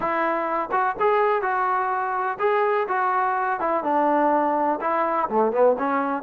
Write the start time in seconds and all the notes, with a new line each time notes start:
0.00 E4
0.71 F#4
0.99 G#4
1.42 F#4
2.39 G#4
2.88 F#4
3.60 E4
3.83 D4
4.80 E4
5.29 A3
5.52 B3
5.78 C#4